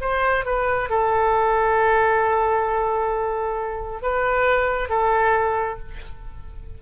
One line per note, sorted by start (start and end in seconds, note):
0.00 0.45 C5
0.45 0.89 B4
0.89 4.02 A4
4.02 4.89 B4
4.89 5.78 A4